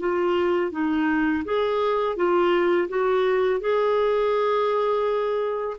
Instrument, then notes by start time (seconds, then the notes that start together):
clarinet
0.00 F4
0.72 D#4
1.45 G#4
2.16 F4
2.89 F#4
3.60 G#4